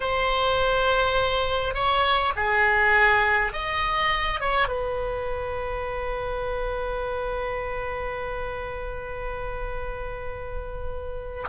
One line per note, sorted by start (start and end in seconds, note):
0.00 1.74 C5
1.74 2.33 C#5
2.36 3.53 G#4
3.53 4.40 D#5
4.40 4.67 C#5
4.67 11.44 B4